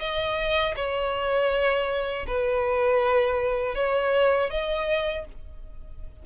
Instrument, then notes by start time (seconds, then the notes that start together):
violin
0.00 D#5
0.76 C#5
2.27 B4
3.75 C#5
4.51 D#5